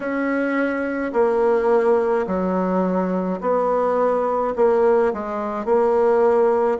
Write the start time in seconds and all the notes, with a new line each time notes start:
0.00 C#4
1.13 A#3
2.26 F#3
3.40 B3
4.55 A#3
5.13 G#3
5.64 A#3